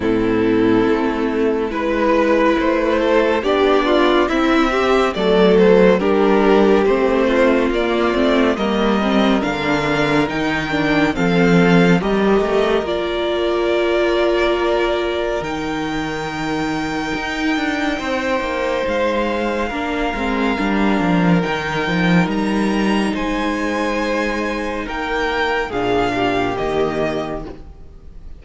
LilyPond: <<
  \new Staff \with { instrumentName = "violin" } { \time 4/4 \tempo 4 = 70 a'2 b'4 c''4 | d''4 e''4 d''8 c''8 ais'4 | c''4 d''4 dis''4 f''4 | g''4 f''4 dis''4 d''4~ |
d''2 g''2~ | g''2 f''2~ | f''4 g''4 ais''4 gis''4~ | gis''4 g''4 f''4 dis''4 | }
  \new Staff \with { instrumentName = "violin" } { \time 4/4 e'2 b'4. a'8 | g'8 f'8 e'8 g'8 a'4 g'4~ | g'8 f'4. ais'2~ | ais'4 a'4 ais'2~ |
ais'1~ | ais'4 c''2 ais'4~ | ais'2. c''4~ | c''4 ais'4 gis'8 g'4. | }
  \new Staff \with { instrumentName = "viola" } { \time 4/4 c'2 e'2 | d'4 c'4 a4 d'4 | c'4 ais8 c'8 ais8 c'8 d'4 | dis'8 d'8 c'4 g'4 f'4~ |
f'2 dis'2~ | dis'2. d'8 c'8 | d'4 dis'2.~ | dis'2 d'4 ais4 | }
  \new Staff \with { instrumentName = "cello" } { \time 4/4 a,4 a4 gis4 a4 | b4 c'4 fis4 g4 | a4 ais8 a8 g4 d4 | dis4 f4 g8 a8 ais4~ |
ais2 dis2 | dis'8 d'8 c'8 ais8 gis4 ais8 gis8 | g8 f8 dis8 f8 g4 gis4~ | gis4 ais4 ais,4 dis4 | }
>>